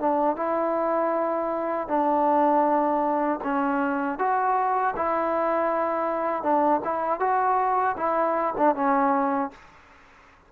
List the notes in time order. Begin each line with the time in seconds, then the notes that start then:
0.00 D4
0.37 E4
1.88 D4
3.44 C#4
4.19 F#4
4.96 E4
6.43 D4
6.85 E4
7.20 F#4
7.97 E4
8.58 D4
8.75 C#4